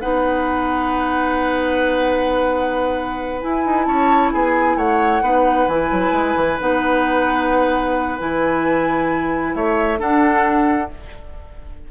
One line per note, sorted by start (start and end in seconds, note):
0.00 3.43 B3
0.00 3.42 D#4
0.00 3.87 B4
0.00 3.41 F#5
3.42 5.23 E4
3.42 3.65 E4
3.42 3.84 G#5
3.65 3.87 D#4
3.84 4.32 C#4
3.84 4.33 C#5
3.84 4.30 A5
4.32 4.76 B3
4.32 4.77 G#4
4.32 4.78 G#5
4.76 5.21 A3
4.76 5.23 C#5
4.76 5.68 F#5
5.21 5.67 B3
5.21 5.68 D#4
5.21 9.55 B4
5.67 5.90 E3
5.67 6.59 E4
5.67 6.59 G#5
5.91 6.12 F#3
6.12 6.34 G#3
6.35 6.58 E3
6.59 8.20 B3
6.59 8.18 D#4
6.59 8.18 F#5
8.18 9.54 E3
8.18 9.98 E4
8.18 9.54 G#5
9.54 9.99 A3
9.54 9.99 C#5
9.54 10.00 E5
9.98 10.89 D4
9.98 10.90 D4
9.98 10.90 A4
9.98 10.91 F#5